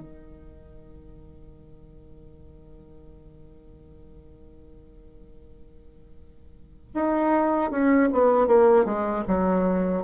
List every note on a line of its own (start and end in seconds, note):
0.00 6.92 D#3
6.94 7.71 D#4
7.71 8.09 C#4
8.12 8.47 B3
8.47 8.85 A#3
8.85 9.23 G#3
9.28 10.03 F#3